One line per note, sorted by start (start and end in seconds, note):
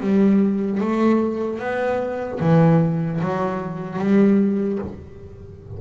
0.00 0.80 G3
0.80 1.59 A3
1.59 2.39 B3
2.40 3.20 E3
3.20 3.98 F#3
3.98 4.78 G3